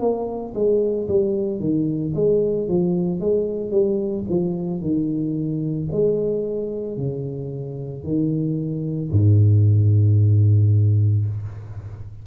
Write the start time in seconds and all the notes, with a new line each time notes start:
0.00 A#3
0.55 G#3
1.09 G3
1.60 D#3
2.15 G#3
2.68 F3
3.20 G#3
3.72 G3
4.30 F3
4.81 D#3
5.92 G#3
6.98 C#3
8.04 D#3
9.12 G#2